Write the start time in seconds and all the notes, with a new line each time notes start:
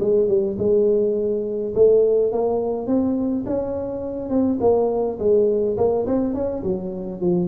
0.00 G#3
0.28 G3
0.58 G#3
1.75 A3
2.32 A#3
2.87 C4
3.46 C#4
4.30 C4
4.61 A#3
5.19 G#3
5.77 A#3
6.07 C4
6.34 C#4
6.63 F#3
7.21 F3